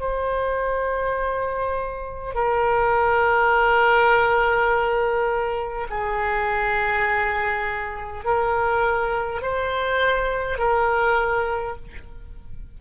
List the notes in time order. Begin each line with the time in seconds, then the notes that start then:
0.00 C5
2.35 A#4
5.90 G#4
8.25 A#4
9.42 C5
10.59 A#4